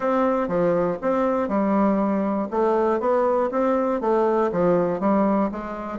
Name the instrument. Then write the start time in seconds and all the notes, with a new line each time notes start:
bassoon
0.00 C4
0.47 F3
1.01 C4
1.48 G3
2.50 A3
3.00 B3
3.51 C4
4.00 A3
4.52 F3
5.00 G3
5.51 G#3